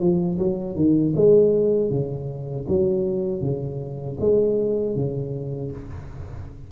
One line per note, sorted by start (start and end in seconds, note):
0.00 0.38 F3
0.38 0.76 F#3
0.76 1.14 D#3
1.15 1.90 G#3
1.90 2.66 C#3
2.68 3.41 F#3
3.41 4.17 C#3
4.20 4.95 G#3
4.95 5.71 C#3